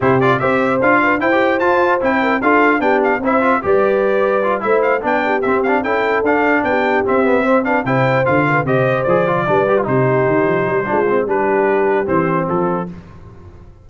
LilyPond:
<<
  \new Staff \with { instrumentName = "trumpet" } { \time 4/4 \tempo 4 = 149 c''8 d''8 e''4 f''4 g''4 | a''4 g''4 f''4 g''8 f''8 | e''4 d''2~ d''8 e''8 | f''8 g''4 e''8 f''8 g''4 f''8~ |
f''8 g''4 e''4. f''8 g''8~ | g''8 f''4 dis''4 d''4.~ | d''8 c''2.~ c''8 | b'2 c''4 a'4 | }
  \new Staff \with { instrumentName = "horn" } { \time 4/4 g'4 c''4. b'8 c''4~ | c''4. ais'8 a'4 g'4 | c''4 b'2~ b'8 c''8~ | c''8 d''8 g'4. a'4.~ |
a'8 g'2 c''8 b'8 c''8~ | c''4 b'8 c''2 b'8~ | b'8 g'2~ g'8 f'4 | g'2. f'4 | }
  \new Staff \with { instrumentName = "trombone" } { \time 4/4 e'8 f'8 g'4 f'4 e'16 g'8. | f'4 e'4 f'4 d'4 | e'8 f'8 g'2 f'8 e'8~ | e'8 d'4 c'8 d'8 e'4 d'8~ |
d'4. c'8 b8 c'8 d'8 e'8~ | e'8 f'4 g'4 gis'8 f'8 d'8 | g'16 f'16 dis'2~ dis'8 d'8 c'8 | d'2 c'2 | }
  \new Staff \with { instrumentName = "tuba" } { \time 4/4 c4 c'4 d'4 e'4 | f'4 c'4 d'4 b4 | c'4 g2~ g8 a8~ | a8 b4 c'4 cis'4 d'8~ |
d'8 b4 c'2 c8~ | c8 d4 c4 f4 g8~ | g8 c4 dis8 f8 g8 gis4 | g2 e4 f4 | }
>>